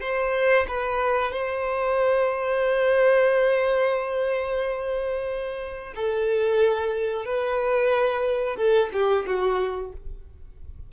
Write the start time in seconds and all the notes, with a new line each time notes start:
0.00 C5
0.68 B4
1.32 C5
5.95 A4
7.25 B4
8.56 A4
8.92 G4
9.26 F#4